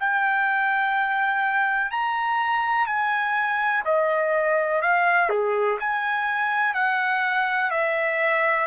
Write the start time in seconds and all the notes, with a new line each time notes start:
0.00 G5
1.91 A#5
2.87 G#5
3.86 D#5
4.83 F5
5.30 G#4
5.80 G#5
6.75 F#5
7.71 E5